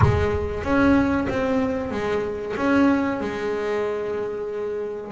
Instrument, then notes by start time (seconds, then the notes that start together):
double bass
0.01 G#3
0.63 C#4
1.29 C4
1.91 G#3
2.56 C#4
3.20 G#3